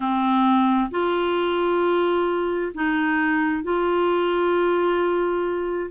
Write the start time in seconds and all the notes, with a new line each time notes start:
0.00 C4
0.90 F4
2.74 D#4
3.63 F4